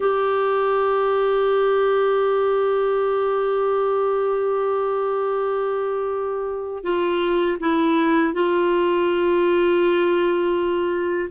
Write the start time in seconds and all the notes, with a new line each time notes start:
0.00 G4
6.83 F4
7.60 E4
8.33 F4